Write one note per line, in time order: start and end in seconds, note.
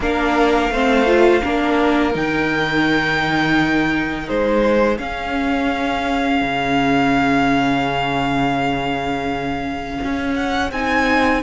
0.00 0.69 A#3
0.00 0.73 D4
0.00 0.72 A#4
0.00 2.15 F5
0.69 1.41 A3
0.69 1.06 C4
0.69 1.42 C5
1.06 1.41 F4
1.42 2.14 A#3
1.42 2.13 D4
1.42 4.26 A#4
2.13 4.29 D#3
2.13 4.99 D#4
2.13 4.28 G5
4.26 4.98 G#3
4.26 11.40 G#4
4.26 4.98 C5
4.98 6.41 C#4
4.98 10.73 C#4
4.98 10.34 F5
6.41 9.98 C#3
10.04 10.71 C#4
10.35 10.71 F#5
10.71 11.42 C4
10.71 11.42 D#4
10.71 11.42 G#5